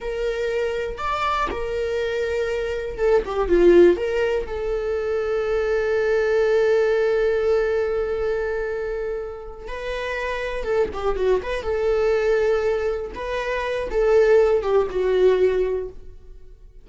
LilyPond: \new Staff \with { instrumentName = "viola" } { \time 4/4 \tempo 4 = 121 ais'2 d''4 ais'4~ | ais'2 a'8 g'8 f'4 | ais'4 a'2.~ | a'1~ |
a'2.~ a'8 b'8~ | b'4. a'8 g'8 fis'8 b'8 a'8~ | a'2~ a'8 b'4. | a'4. g'8 fis'2 | }